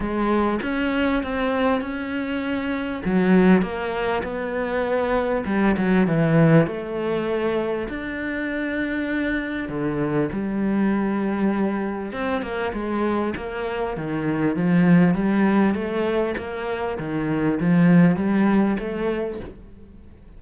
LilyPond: \new Staff \with { instrumentName = "cello" } { \time 4/4 \tempo 4 = 99 gis4 cis'4 c'4 cis'4~ | cis'4 fis4 ais4 b4~ | b4 g8 fis8 e4 a4~ | a4 d'2. |
d4 g2. | c'8 ais8 gis4 ais4 dis4 | f4 g4 a4 ais4 | dis4 f4 g4 a4 | }